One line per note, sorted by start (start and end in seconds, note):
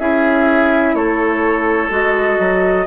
0.00 0.94 C#4
0.00 1.90 E4
0.00 0.95 G#4
0.00 0.95 E5
0.94 1.90 A3
0.94 2.87 A4
0.94 1.90 C#5
1.90 2.38 G#3
1.90 2.86 F#4
1.90 2.87 D#5
2.39 2.87 F#3